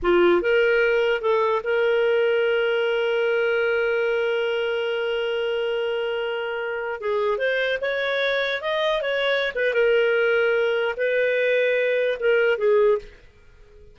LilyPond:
\new Staff \with { instrumentName = "clarinet" } { \time 4/4 \tempo 4 = 148 f'4 ais'2 a'4 | ais'1~ | ais'1~ | ais'1~ |
ais'4~ ais'16 gis'4 c''4 cis''8.~ | cis''4~ cis''16 dis''4 cis''4~ cis''16 b'8 | ais'2. b'4~ | b'2 ais'4 gis'4 | }